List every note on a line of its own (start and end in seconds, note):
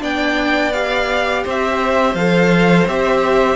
0.00 1.45 B3
0.00 0.71 D4
0.00 1.44 D5
0.00 0.73 G5
0.73 2.17 G4
0.73 1.44 F5
1.44 2.15 C4
1.44 3.57 C5
1.44 2.15 E5
2.15 2.86 F3
2.15 2.88 A4
2.15 2.87 F5
2.87 3.57 C4
2.87 3.57 G4
2.87 3.57 E5